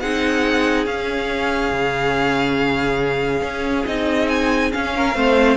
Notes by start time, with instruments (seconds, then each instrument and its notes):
0.00 cello C4, viola D#4, violin G#4 F#5
0.86 cello C#4, viola C#4, violin F5
1.72 cello C#3
3.42 cello C#4
3.87 cello C4, viola D#4, violin D#5
4.29 violin G#5
4.72 viola C#4, cello C#4, violin F5
4.97 violin A#4
5.14 cello A3, viola C4, violin C5